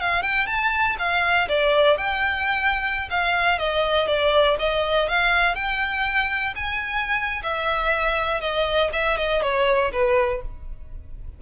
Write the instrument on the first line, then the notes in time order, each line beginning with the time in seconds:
violin
0.00 F5
0.22 G5
0.46 A5
0.98 F5
1.48 D5
1.97 G5
3.10 F5
3.58 D#5
4.07 D5
4.59 D#5
5.08 F5
5.55 G5
6.55 G#5
7.43 E5
8.40 D#5
8.93 E5
9.17 D#5
9.42 C#5
9.92 B4